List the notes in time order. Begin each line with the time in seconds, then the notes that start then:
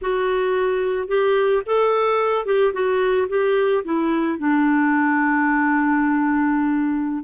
0.01 F#4
1.08 G4
1.66 A4
2.45 G4
2.73 F#4
3.29 G4
3.84 E4
4.38 D4